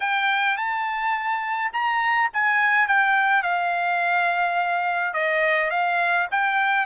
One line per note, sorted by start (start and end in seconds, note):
0.00 0.57 G5
0.57 1.71 A5
1.72 2.29 A#5
2.33 2.87 G#5
2.87 3.42 G5
3.42 5.13 F5
5.13 5.70 D#5
5.70 6.27 F5
6.31 6.86 G5